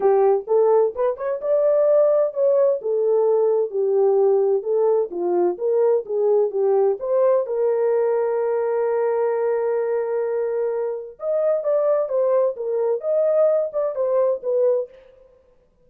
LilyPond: \new Staff \with { instrumentName = "horn" } { \time 4/4 \tempo 4 = 129 g'4 a'4 b'8 cis''8 d''4~ | d''4 cis''4 a'2 | g'2 a'4 f'4 | ais'4 gis'4 g'4 c''4 |
ais'1~ | ais'1 | dis''4 d''4 c''4 ais'4 | dis''4. d''8 c''4 b'4 | }